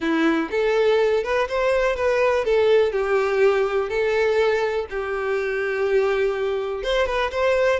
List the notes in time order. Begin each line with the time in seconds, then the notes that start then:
0.00 E4
0.50 A4
1.23 B4
1.48 C5
1.96 B4
2.44 A4
2.91 G4
3.89 A4
4.89 G4
6.83 C5
7.06 B4
7.31 C5